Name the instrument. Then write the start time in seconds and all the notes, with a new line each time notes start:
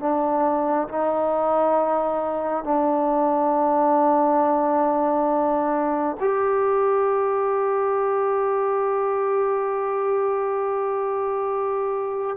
trombone
0.00 D4
0.89 D#4
2.64 D4
6.20 G4